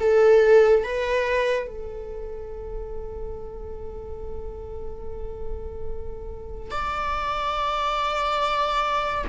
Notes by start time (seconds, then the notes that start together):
0.00 A4
0.84 B4
1.67 A4
6.71 D5